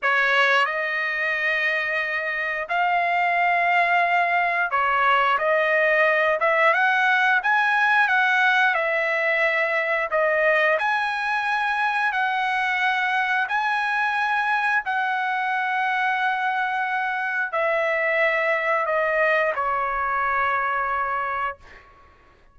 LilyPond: \new Staff \with { instrumentName = "trumpet" } { \time 4/4 \tempo 4 = 89 cis''4 dis''2. | f''2. cis''4 | dis''4. e''8 fis''4 gis''4 | fis''4 e''2 dis''4 |
gis''2 fis''2 | gis''2 fis''2~ | fis''2 e''2 | dis''4 cis''2. | }